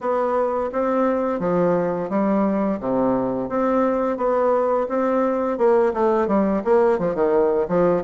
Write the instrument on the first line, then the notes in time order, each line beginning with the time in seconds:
bassoon
0.00 B3
0.72 C4
1.39 F3
2.09 G3
2.80 C3
3.49 C4
4.17 B3
4.88 C4
5.58 A#3
5.93 A3
6.27 G3
6.64 A#3
6.98 F3
7.14 D#3
7.68 F3